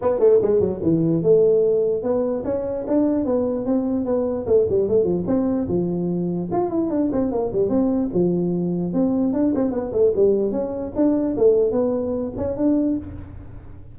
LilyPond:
\new Staff \with { instrumentName = "tuba" } { \time 4/4 \tempo 4 = 148 b8 a8 gis8 fis8 e4 a4~ | a4 b4 cis'4 d'4 | b4 c'4 b4 a8 g8 | a8 f8 c'4 f2 |
f'8 e'8 d'8 c'8 ais8 g8 c'4 | f2 c'4 d'8 c'8 | b8 a8 g4 cis'4 d'4 | a4 b4. cis'8 d'4 | }